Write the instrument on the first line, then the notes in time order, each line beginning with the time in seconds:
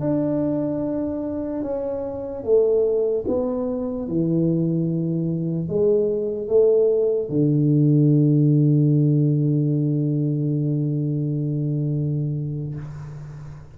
tuba
0.00 D4
1.63 C#4
2.44 A3
3.27 B3
4.08 E3
5.68 G#3
6.48 A3
7.29 D3